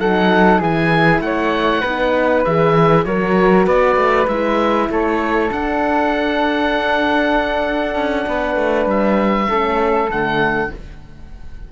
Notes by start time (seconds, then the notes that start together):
0.00 F#3 D#4 A4 F#5
0.59 E3 E4 G#4 G#5
1.21 A3 C#5 F#5
1.81 B3 D#4 B4
2.45 E3 G#4 E5
3.05 F#3 F#4 A#4 C#5
3.66 B3 B4 D5
3.96 A3
4.28 G#3 E4 E5
4.90 A3 A4 C#5
5.52 D4 F#5
7.96 C#4
8.27 B3 B4
8.56 A3
8.86 G3 E5
9.49 A3 C#4 A4
10.09 D3 A3 F#5